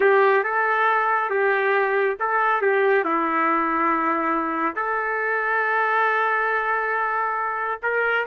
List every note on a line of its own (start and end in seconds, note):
0.00 0.43 G4
0.43 1.29 A4
1.29 2.16 G4
2.19 2.61 A4
2.61 3.04 G4
3.04 4.75 E4
4.75 7.79 A4
7.82 8.25 A#4